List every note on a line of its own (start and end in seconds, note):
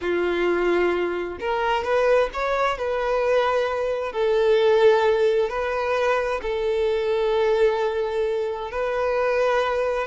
0.01 1.38 F4
1.39 1.84 A#4
1.84 2.29 B4
2.33 2.78 C#5
2.78 4.12 B4
4.12 5.49 A4
5.49 6.41 B4
6.42 8.71 A4
8.71 10.07 B4